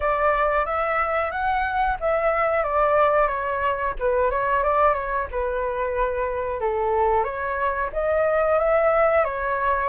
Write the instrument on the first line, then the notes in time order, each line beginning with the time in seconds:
flute
0.00 D5
0.65 E5
1.31 F#5
2.00 E5
2.63 D5
3.27 C#5
3.99 B4
4.30 C#5
4.63 D5
4.94 C#5
5.31 B4
6.60 A4
7.23 C#5
7.92 D#5
8.59 E5
9.24 C#5